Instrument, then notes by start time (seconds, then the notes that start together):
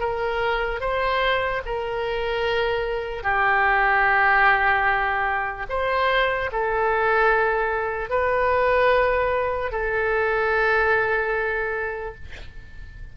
oboe
0.00 A#4
0.81 C5
1.66 A#4
3.24 G4
5.69 C5
6.52 A4
8.10 B4
9.72 A4